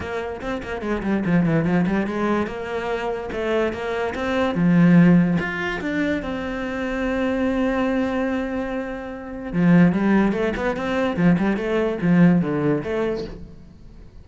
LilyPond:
\new Staff \with { instrumentName = "cello" } { \time 4/4 \tempo 4 = 145 ais4 c'8 ais8 gis8 g8 f8 e8 | f8 g8 gis4 ais2 | a4 ais4 c'4 f4~ | f4 f'4 d'4 c'4~ |
c'1~ | c'2. f4 | g4 a8 b8 c'4 f8 g8 | a4 f4 d4 a4 | }